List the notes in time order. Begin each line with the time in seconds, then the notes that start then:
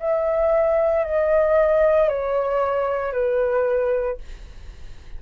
0.00 E5
1.05 D#5
2.09 C#5
3.12 B4